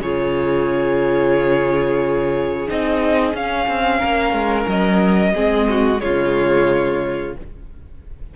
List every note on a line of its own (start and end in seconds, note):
0.00 2.67 C#3
0.00 2.68 F4
0.00 3.98 G#4
0.00 2.69 C#5
2.68 3.33 C4
2.68 3.34 D#4
2.68 3.36 D#5
3.33 3.67 C#4
3.33 5.34 C#4
3.33 4.69 F5
3.67 4.01 C4
3.98 4.32 A#3
3.98 5.32 A#4
4.32 4.66 G#3
4.67 5.34 F#3
4.67 6.00 D#5
5.34 6.02 G#3
5.34 5.97 C4
5.34 5.68 G#4
5.69 6.02 F#4
5.97 7.36 C#3
5.97 7.31 G#3
5.97 7.36 F4
5.97 7.33 C#5